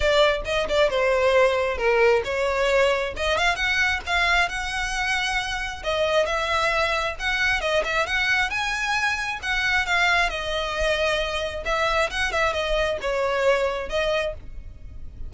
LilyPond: \new Staff \with { instrumentName = "violin" } { \time 4/4 \tempo 4 = 134 d''4 dis''8 d''8 c''2 | ais'4 cis''2 dis''8 f''8 | fis''4 f''4 fis''2~ | fis''4 dis''4 e''2 |
fis''4 dis''8 e''8 fis''4 gis''4~ | gis''4 fis''4 f''4 dis''4~ | dis''2 e''4 fis''8 e''8 | dis''4 cis''2 dis''4 | }